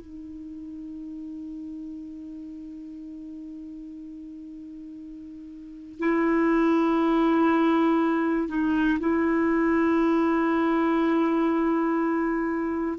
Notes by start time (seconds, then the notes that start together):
0.00 D#4
5.99 E4
8.48 D#4
9.00 E4